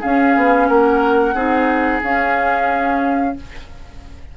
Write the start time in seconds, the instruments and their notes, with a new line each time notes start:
0.00 clarinet C#4, bassoon C#4, oboe G#4, flute F5
0.36 bassoon B3
0.68 bassoon A#3, oboe A#4, flute F#5
1.34 bassoon C4, clarinet D#4, oboe G#4
2.03 bassoon C#4, clarinet C#4, flute F5